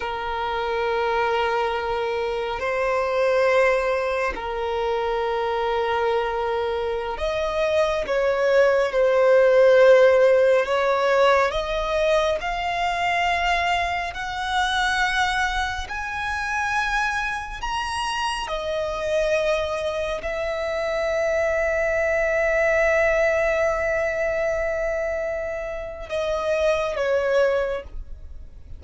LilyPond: \new Staff \with { instrumentName = "violin" } { \time 4/4 \tempo 4 = 69 ais'2. c''4~ | c''4 ais'2.~ | ais'16 dis''4 cis''4 c''4.~ c''16~ | c''16 cis''4 dis''4 f''4.~ f''16~ |
f''16 fis''2 gis''4.~ gis''16~ | gis''16 ais''4 dis''2 e''8.~ | e''1~ | e''2 dis''4 cis''4 | }